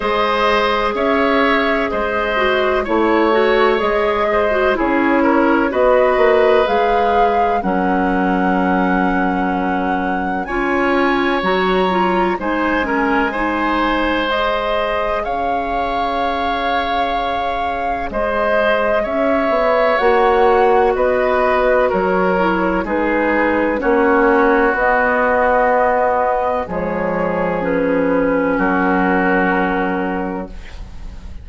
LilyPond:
<<
  \new Staff \with { instrumentName = "flute" } { \time 4/4 \tempo 4 = 63 dis''4 e''4 dis''4 cis''4 | dis''4 cis''4 dis''4 f''4 | fis''2. gis''4 | ais''4 gis''2 dis''4 |
f''2. dis''4 | e''4 fis''4 dis''4 cis''4 | b'4 cis''4 dis''2 | cis''4 b'4 ais'2 | }
  \new Staff \with { instrumentName = "oboe" } { \time 4/4 c''4 cis''4 c''4 cis''4~ | cis''8 c''8 gis'8 ais'8 b'2 | ais'2. cis''4~ | cis''4 c''8 ais'8 c''2 |
cis''2. c''4 | cis''2 b'4 ais'4 | gis'4 fis'2. | gis'2 fis'2 | }
  \new Staff \with { instrumentName = "clarinet" } { \time 4/4 gis'2~ gis'8 fis'8 e'8 fis'8 | gis'8. fis'16 e'4 fis'4 gis'4 | cis'2. f'4 | fis'8 f'8 dis'8 cis'8 dis'4 gis'4~ |
gis'1~ | gis'4 fis'2~ fis'8 e'8 | dis'4 cis'4 b2 | gis4 cis'2. | }
  \new Staff \with { instrumentName = "bassoon" } { \time 4/4 gis4 cis'4 gis4 a4 | gis4 cis'4 b8 ais8 gis4 | fis2. cis'4 | fis4 gis2. |
cis'2. gis4 | cis'8 b8 ais4 b4 fis4 | gis4 ais4 b2 | f2 fis2 | }
>>